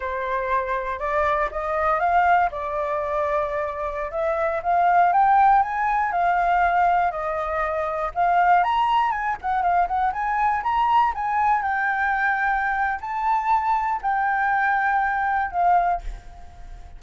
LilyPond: \new Staff \with { instrumentName = "flute" } { \time 4/4 \tempo 4 = 120 c''2 d''4 dis''4 | f''4 d''2.~ | d''16 e''4 f''4 g''4 gis''8.~ | gis''16 f''2 dis''4.~ dis''16~ |
dis''16 f''4 ais''4 gis''8 fis''8 f''8 fis''16~ | fis''16 gis''4 ais''4 gis''4 g''8.~ | g''2 a''2 | g''2. f''4 | }